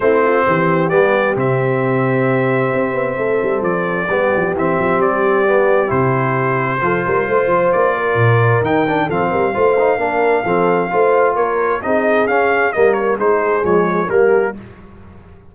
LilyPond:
<<
  \new Staff \with { instrumentName = "trumpet" } { \time 4/4 \tempo 4 = 132 c''2 d''4 e''4~ | e''1 | d''2 e''4 d''4~ | d''4 c''2.~ |
c''4 d''2 g''4 | f''1~ | f''4 cis''4 dis''4 f''4 | dis''8 cis''8 c''4 cis''4 ais'4 | }
  \new Staff \with { instrumentName = "horn" } { \time 4/4 e'8 f'8 g'2.~ | g'2. a'4~ | a'4 g'2.~ | g'2. a'8 ais'8 |
c''4. ais'2~ ais'8 | a'8 ais'8 c''4 ais'4 a'4 | c''4 ais'4 gis'2 | ais'4 gis'2 g'4 | }
  \new Staff \with { instrumentName = "trombone" } { \time 4/4 c'2 b4 c'4~ | c'1~ | c'4 b4 c'2 | b4 e'2 f'4~ |
f'2. dis'8 d'8 | c'4 f'8 dis'8 d'4 c'4 | f'2 dis'4 cis'4 | ais4 dis'4 gis4 ais4 | }
  \new Staff \with { instrumentName = "tuba" } { \time 4/4 a4 e4 g4 c4~ | c2 c'8 b8 a8 g8 | f4 g8 f8 e8 f8 g4~ | g4 c2 f8 g8 |
a8 f8 ais4 ais,4 dis4 | f8 g8 a4 ais4 f4 | a4 ais4 c'4 cis'4 | g4 gis4 f4 g4 | }
>>